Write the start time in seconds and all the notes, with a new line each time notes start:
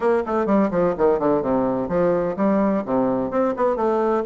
0.00 A#3
0.26 A3
0.46 G3
0.70 F3
0.97 D#3
1.19 D3
1.42 C3
1.88 F3
2.36 G3
2.85 C3
3.30 C4
3.56 B3
3.76 A3